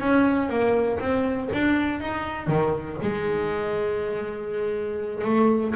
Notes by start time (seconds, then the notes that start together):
0.00 C#4
0.49 A#3
1.00 C4
1.53 D4
2.00 D#4
2.48 D#3
3.02 G#3
5.24 A3